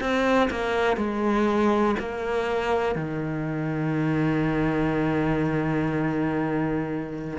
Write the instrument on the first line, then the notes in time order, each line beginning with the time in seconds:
cello
0.00 C4
0.50 A#3
0.97 G#3
1.99 A#3
2.95 D#3